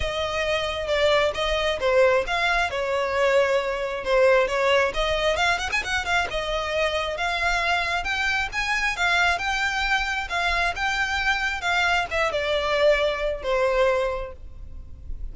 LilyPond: \new Staff \with { instrumentName = "violin" } { \time 4/4 \tempo 4 = 134 dis''2 d''4 dis''4 | c''4 f''4 cis''2~ | cis''4 c''4 cis''4 dis''4 | f''8 fis''16 gis''16 fis''8 f''8 dis''2 |
f''2 g''4 gis''4 | f''4 g''2 f''4 | g''2 f''4 e''8 d''8~ | d''2 c''2 | }